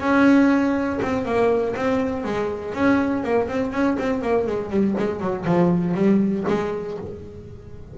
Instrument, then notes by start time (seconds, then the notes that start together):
double bass
0.00 C#4
1.02 C4
1.25 A#3
1.76 C4
2.24 G#3
2.74 C#4
3.23 A#3
3.48 C4
3.72 C#4
3.99 C4
4.21 A#3
4.47 G#3
4.70 G3
4.98 G#3
5.20 F#3
5.45 F3
5.94 G3
6.48 G#3